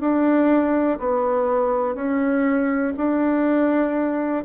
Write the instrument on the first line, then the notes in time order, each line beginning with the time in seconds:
bassoon
0.00 D4
0.99 B3
1.95 C#4
2.97 D4